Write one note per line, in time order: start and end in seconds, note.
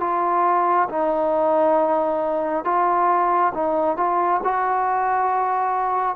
0.00 0.88 F4
0.89 2.64 D#4
2.64 3.53 F4
3.54 3.97 D#4
3.97 4.41 F4
4.44 6.15 F#4